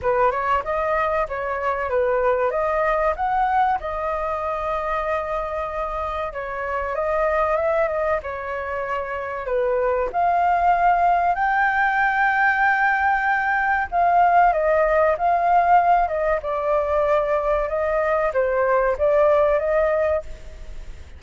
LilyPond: \new Staff \with { instrumentName = "flute" } { \time 4/4 \tempo 4 = 95 b'8 cis''8 dis''4 cis''4 b'4 | dis''4 fis''4 dis''2~ | dis''2 cis''4 dis''4 | e''8 dis''8 cis''2 b'4 |
f''2 g''2~ | g''2 f''4 dis''4 | f''4. dis''8 d''2 | dis''4 c''4 d''4 dis''4 | }